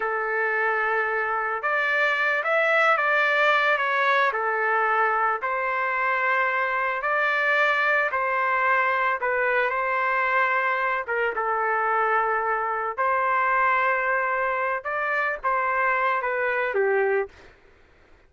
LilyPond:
\new Staff \with { instrumentName = "trumpet" } { \time 4/4 \tempo 4 = 111 a'2. d''4~ | d''8 e''4 d''4. cis''4 | a'2 c''2~ | c''4 d''2 c''4~ |
c''4 b'4 c''2~ | c''8 ais'8 a'2. | c''2.~ c''8 d''8~ | d''8 c''4. b'4 g'4 | }